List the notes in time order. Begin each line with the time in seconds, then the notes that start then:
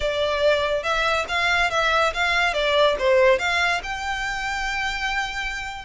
0.00 D5
0.83 E5
1.28 F5
1.70 E5
2.13 F5
2.53 D5
2.98 C5
3.38 F5
3.83 G5